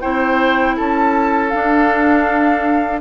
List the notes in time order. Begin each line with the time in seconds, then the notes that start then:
0.00 C4 E4 C5 G5
0.76 C#4 A4 A5
1.49 D4 F5